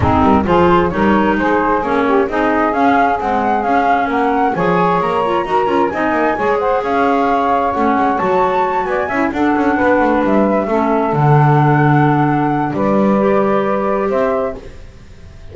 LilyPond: <<
  \new Staff \with { instrumentName = "flute" } { \time 4/4 \tempo 4 = 132 gis'8 ais'8 c''4 cis''4 c''4 | cis''4 dis''4 f''4 fis''4 | f''4 fis''4 gis''4 ais''4~ | ais''4 gis''4. fis''8 f''4~ |
f''4 fis''4 a''4. gis''8~ | gis''8 fis''2 e''4.~ | e''8 fis''2.~ fis''8 | d''2. e''4 | }
  \new Staff \with { instrumentName = "saxophone" } { \time 4/4 dis'4 gis'4 ais'4 gis'4~ | gis'8 g'8 gis'2.~ | gis'4 ais'4 cis''2 | ais'4 dis''4 cis''8 c''8 cis''4~ |
cis''2.~ cis''8 d''8 | e''8 a'4 b'2 a'8~ | a'1 | b'2. c''4 | }
  \new Staff \with { instrumentName = "clarinet" } { \time 4/4 c'4 f'4 dis'2 | cis'4 dis'4 cis'4 gis4 | cis'2 gis'4. f'8 | fis'8 f'8 dis'4 gis'2~ |
gis'4 cis'4 fis'2 | e'8 d'2. cis'8~ | cis'8 d'2.~ d'8~ | d'4 g'2. | }
  \new Staff \with { instrumentName = "double bass" } { \time 4/4 gis8 g8 f4 g4 gis4 | ais4 c'4 cis'4 c'4 | cis'4 ais4 f4 ais4 | dis'8 cis'8 c'8 ais8 gis4 cis'4~ |
cis'4 a8 gis8 fis4. b8 | cis'8 d'8 cis'8 b8 a8 g4 a8~ | a8 d2.~ d8 | g2. c'4 | }
>>